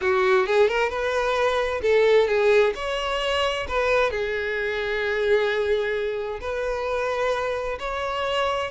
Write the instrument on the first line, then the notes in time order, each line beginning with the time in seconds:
violin
0.01 F#4
0.46 G#4
0.68 A#4
0.89 B4
1.82 A4
2.27 G#4
2.75 C#5
3.68 B4
4.10 G#4
6.41 B4
7.79 C#5